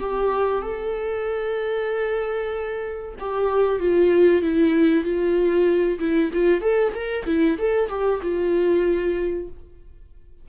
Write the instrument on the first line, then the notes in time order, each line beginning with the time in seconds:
viola
0.00 G4
0.62 A4
3.20 G4
3.80 F4
4.42 E4
5.04 F4
5.99 E4
6.33 F4
6.61 A4
6.94 A#4
7.26 E4
7.59 A4
7.89 G4
8.22 F4